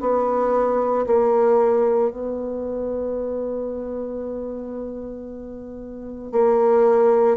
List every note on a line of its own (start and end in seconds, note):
0.00 1.05 B3
1.06 2.11 A#3
2.11 6.32 B3
6.32 7.36 A#3